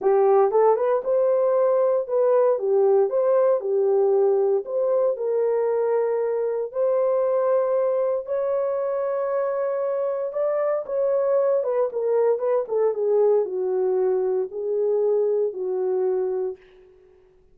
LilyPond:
\new Staff \with { instrumentName = "horn" } { \time 4/4 \tempo 4 = 116 g'4 a'8 b'8 c''2 | b'4 g'4 c''4 g'4~ | g'4 c''4 ais'2~ | ais'4 c''2. |
cis''1 | d''4 cis''4. b'8 ais'4 | b'8 a'8 gis'4 fis'2 | gis'2 fis'2 | }